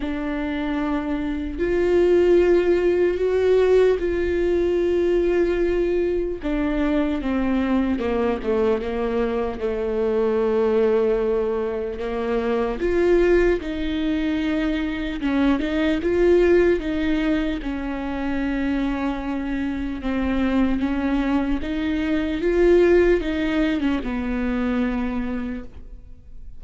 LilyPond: \new Staff \with { instrumentName = "viola" } { \time 4/4 \tempo 4 = 75 d'2 f'2 | fis'4 f'2. | d'4 c'4 ais8 a8 ais4 | a2. ais4 |
f'4 dis'2 cis'8 dis'8 | f'4 dis'4 cis'2~ | cis'4 c'4 cis'4 dis'4 | f'4 dis'8. cis'16 b2 | }